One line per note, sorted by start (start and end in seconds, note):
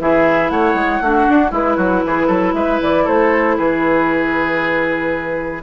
0.00 0.50 E3
0.00 1.03 E4
0.00 0.52 G#4
0.00 0.50 E5
0.50 0.74 A3
0.50 1.03 C#5
0.50 1.52 F#5
0.74 1.00 G#3
1.01 1.27 A3
1.01 1.50 D4
1.01 1.51 F#4
1.29 1.51 D4
1.50 1.77 G#3
1.50 5.61 E4
1.50 1.77 E4
1.50 2.54 B4
1.77 2.03 F#3
1.77 2.02 F#4
2.05 2.28 E3
2.05 2.26 G#4
2.26 2.54 F#3
2.26 2.52 A4
2.54 2.79 G#3
2.54 3.04 B4
2.54 2.80 E5
2.82 3.07 E3
2.82 3.07 D5
3.04 3.58 A3
3.04 3.56 A4
3.04 3.58 C5
3.57 5.62 E3
3.57 5.62 G#4
3.57 5.62 B4